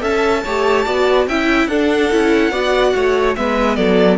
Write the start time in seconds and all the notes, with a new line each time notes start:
0.00 C#4 A4 E5 A5
0.44 A3 G4 C#5
0.85 B3 F#4 D5
1.27 C#4 E4 E5 G5
1.67 D4 A4 F#5
2.11 C#4 E4
2.51 B3 F#4 D5
2.95 A3 C#5
3.35 G#3 B3 B4 E5
3.75 F#3 A4 D5